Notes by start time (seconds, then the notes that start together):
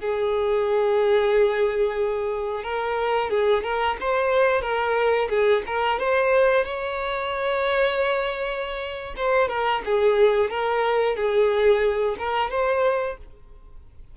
0.00 G#4
2.63 A#4
3.30 G#4
3.63 A#4
4.00 C5
4.62 A#4
5.29 G#4
5.66 A#4
5.99 C5
6.64 C#5
9.16 C5
9.48 A#4
9.85 G#4
10.50 A#4
11.16 G#4
12.18 A#4
12.50 C5